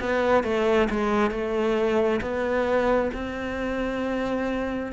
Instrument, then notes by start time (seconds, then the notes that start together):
cello
0.00 B3
0.44 A3
0.90 G#3
1.31 A3
2.21 B3
3.14 C4